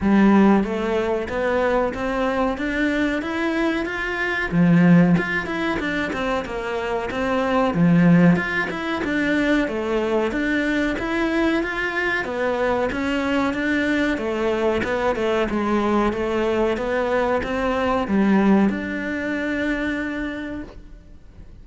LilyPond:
\new Staff \with { instrumentName = "cello" } { \time 4/4 \tempo 4 = 93 g4 a4 b4 c'4 | d'4 e'4 f'4 f4 | f'8 e'8 d'8 c'8 ais4 c'4 | f4 f'8 e'8 d'4 a4 |
d'4 e'4 f'4 b4 | cis'4 d'4 a4 b8 a8 | gis4 a4 b4 c'4 | g4 d'2. | }